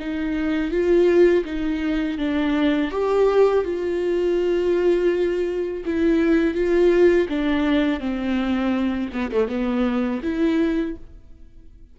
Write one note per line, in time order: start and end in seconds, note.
0.00 0.72 D#4
0.72 1.45 F4
1.45 2.19 D#4
2.19 2.91 D4
2.91 3.65 G4
3.65 5.84 F4
5.86 6.55 E4
6.55 7.28 F4
7.29 8.00 D4
8.00 9.10 C4
9.13 9.32 B3
9.32 9.48 A3
9.48 10.21 B3
10.23 10.97 E4